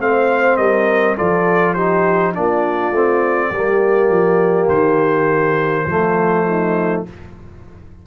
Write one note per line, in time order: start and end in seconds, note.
0.00 0.58 A3
0.00 1.17 C4
0.00 0.58 C5
0.00 0.57 F5
0.57 1.17 G3
0.57 1.17 A#4
0.57 1.16 D#5
1.17 2.37 F3
1.17 1.76 F4
1.17 1.75 A4
1.17 1.74 D5
1.74 2.35 D#4
1.74 2.34 G4
1.74 2.33 C5
2.35 2.91 A#3
2.35 2.93 D4
2.35 3.50 F4
2.35 4.69 D5
2.91 3.50 A3
2.91 3.54 C4
3.50 4.09 G3
3.50 5.89 A#3
3.50 5.86 G4
4.09 4.68 F3
4.69 5.86 D#3
4.69 7.04 C5
5.87 7.04 F3
5.87 7.07 A3
5.87 6.48 F4
6.48 7.06 D#4